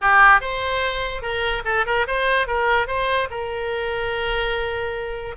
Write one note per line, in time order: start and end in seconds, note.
0.01 0.41 G4
0.41 1.21 C5
1.21 1.63 A#4
1.65 1.85 A4
1.86 2.06 A#4
2.07 2.47 C5
2.47 2.87 A#4
2.87 3.28 C5
3.30 5.35 A#4